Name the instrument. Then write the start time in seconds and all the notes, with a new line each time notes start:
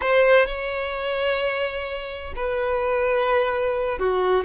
violin
0.01 C5
0.46 C#5
2.35 B4
3.98 F#4